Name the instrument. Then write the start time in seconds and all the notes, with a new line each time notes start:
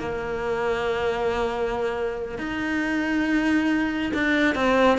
cello
0.00 A#3
2.39 D#4
4.14 D4
4.56 C4